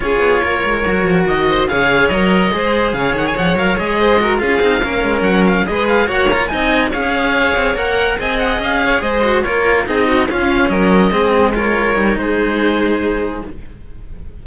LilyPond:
<<
  \new Staff \with { instrumentName = "oboe" } { \time 4/4 \tempo 4 = 143 cis''2. dis''4 | f''4 dis''2 f''8 fis''16 gis''16 | fis''8 f''8 dis''4. f''4.~ | f''8 fis''8 f''8 dis''8 f''8 fis''8 ais''8 gis''8~ |
gis''8 f''2 fis''4 gis''8 | fis''8 f''4 dis''4 cis''4 dis''8~ | dis''8 f''4 dis''2 cis''8~ | cis''4 c''2. | }
  \new Staff \with { instrumentName = "violin" } { \time 4/4 gis'4 ais'2~ ais'8 c''8 | cis''2 c''4 cis''4~ | cis''4. c''8 ais'8 gis'4 ais'8~ | ais'4. b'4 cis''4 dis''8~ |
dis''8 cis''2. dis''8~ | dis''4 cis''8 c''4 ais'4 gis'8 | fis'8 f'4 ais'4 gis'4 ais'8~ | ais'4 gis'2. | }
  \new Staff \with { instrumentName = "cello" } { \time 4/4 f'2 fis'2 | gis'4 ais'4 gis'2~ | gis'8 ais'8 gis'4 fis'8 f'8 dis'8 cis'8~ | cis'4. gis'4 fis'8 f'8 dis'8~ |
dis'8 gis'2 ais'4 gis'8~ | gis'2 fis'8 f'4 dis'8~ | dis'8 cis'2 c'4 f'8~ | f'8 dis'2.~ dis'8 | }
  \new Staff \with { instrumentName = "cello" } { \time 4/4 cis'8 b8 ais8 gis8 fis8 f8 dis4 | cis4 fis4 gis4 cis8 dis8 | f8 fis8 gis4. cis'8 c'8 ais8 | gis8 fis4 gis4 ais4 c'8~ |
c'8 cis'4. c'8 ais4 c'8~ | c'8 cis'4 gis4 ais4 c'8~ | c'8 cis'4 fis4 gis4.~ | gis8 g8 gis2. | }
>>